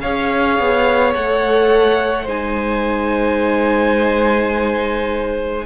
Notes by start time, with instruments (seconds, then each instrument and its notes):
0.00 cello C#4, viola G#4, violin C#5 F5
0.59 cello B3
1.14 cello A3, viola A4, violin F#5
2.24 cello G#3, viola D#4, violin C5 G#5